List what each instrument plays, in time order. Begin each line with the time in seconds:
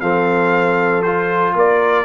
0.00 tuba F3, trombone C4, horn A4, trumpet F5
1.02 trombone F4, trumpet C5
1.55 tuba A#3, horn A#4, trumpet D5